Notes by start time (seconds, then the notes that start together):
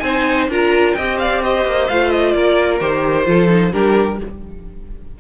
0.00 C4 D#4 C5 G#5
0.48 D4 F4 A#4 A#5
0.93 C4 G4 D#5 G5
1.19 D5 F5
1.43 C5 D#5
1.66 A#3
1.88 A3 F4 F5
2.11 D#5
2.32 A#3 A#4 D5
2.80 D#3 G4 C5
3.25 F3 F4 A4
3.49 D#4
3.72 G3 D4 G4 A#4